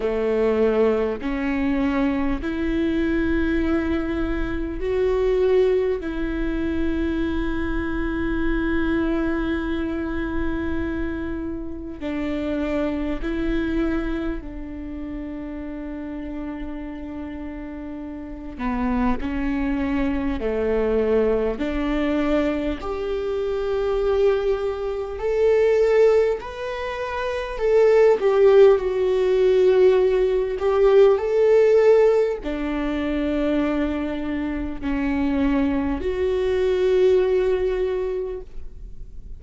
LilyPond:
\new Staff \with { instrumentName = "viola" } { \time 4/4 \tempo 4 = 50 a4 cis'4 e'2 | fis'4 e'2.~ | e'2 d'4 e'4 | d'2.~ d'8 b8 |
cis'4 a4 d'4 g'4~ | g'4 a'4 b'4 a'8 g'8 | fis'4. g'8 a'4 d'4~ | d'4 cis'4 fis'2 | }